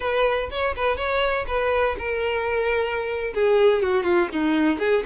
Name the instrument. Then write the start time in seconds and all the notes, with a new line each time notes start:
violin
0.00 B4
0.51 C#5
0.76 B4
0.96 C#5
1.47 B4
1.98 A#4
3.34 G#4
3.82 F#4
4.03 F4
4.32 D#4
4.79 G#4